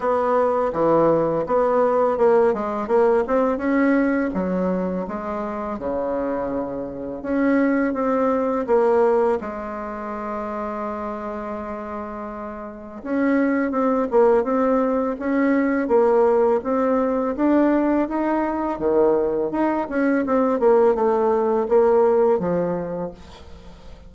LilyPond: \new Staff \with { instrumentName = "bassoon" } { \time 4/4 \tempo 4 = 83 b4 e4 b4 ais8 gis8 | ais8 c'8 cis'4 fis4 gis4 | cis2 cis'4 c'4 | ais4 gis2.~ |
gis2 cis'4 c'8 ais8 | c'4 cis'4 ais4 c'4 | d'4 dis'4 dis4 dis'8 cis'8 | c'8 ais8 a4 ais4 f4 | }